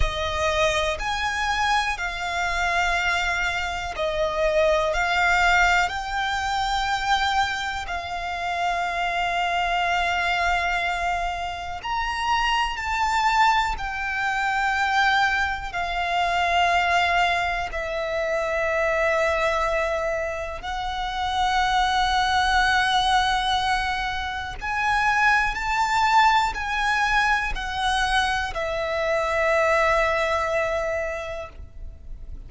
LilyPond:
\new Staff \with { instrumentName = "violin" } { \time 4/4 \tempo 4 = 61 dis''4 gis''4 f''2 | dis''4 f''4 g''2 | f''1 | ais''4 a''4 g''2 |
f''2 e''2~ | e''4 fis''2.~ | fis''4 gis''4 a''4 gis''4 | fis''4 e''2. | }